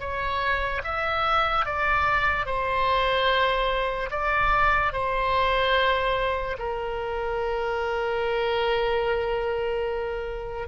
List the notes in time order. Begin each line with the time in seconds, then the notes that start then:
0.00 C#5
0.84 E5
1.66 D5
2.46 C5
4.11 D5
4.93 C5
6.59 A#4